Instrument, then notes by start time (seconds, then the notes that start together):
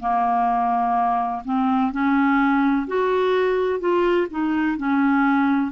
clarinet
0.00 A#3
1.45 C4
1.92 C#4
2.87 F#4
3.80 F4
4.31 D#4
4.77 C#4